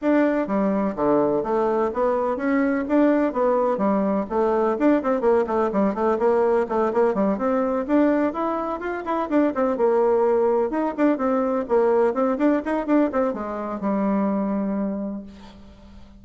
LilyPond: \new Staff \with { instrumentName = "bassoon" } { \time 4/4 \tempo 4 = 126 d'4 g4 d4 a4 | b4 cis'4 d'4 b4 | g4 a4 d'8 c'8 ais8 a8 | g8 a8 ais4 a8 ais8 g8 c'8~ |
c'8 d'4 e'4 f'8 e'8 d'8 | c'8 ais2 dis'8 d'8 c'8~ | c'8 ais4 c'8 d'8 dis'8 d'8 c'8 | gis4 g2. | }